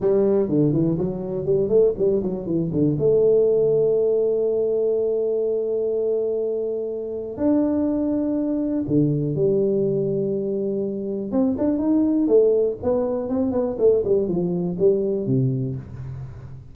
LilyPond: \new Staff \with { instrumentName = "tuba" } { \time 4/4 \tempo 4 = 122 g4 d8 e8 fis4 g8 a8 | g8 fis8 e8 d8 a2~ | a1~ | a2. d'4~ |
d'2 d4 g4~ | g2. c'8 d'8 | dis'4 a4 b4 c'8 b8 | a8 g8 f4 g4 c4 | }